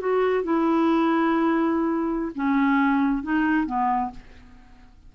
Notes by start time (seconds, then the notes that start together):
0.00 F#4
0.43 E4
2.35 C#4
3.23 D#4
3.66 B3